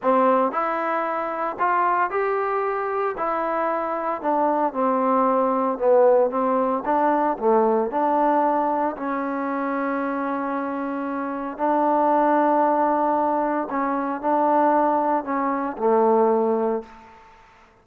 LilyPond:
\new Staff \with { instrumentName = "trombone" } { \time 4/4 \tempo 4 = 114 c'4 e'2 f'4 | g'2 e'2 | d'4 c'2 b4 | c'4 d'4 a4 d'4~ |
d'4 cis'2.~ | cis'2 d'2~ | d'2 cis'4 d'4~ | d'4 cis'4 a2 | }